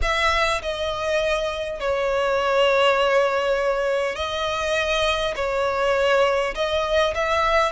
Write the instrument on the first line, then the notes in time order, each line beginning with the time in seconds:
violin
0.02 E5
0.62 D#5
1.80 C#5
4.15 D#5
5.35 C#5
6.54 D#5
7.14 E5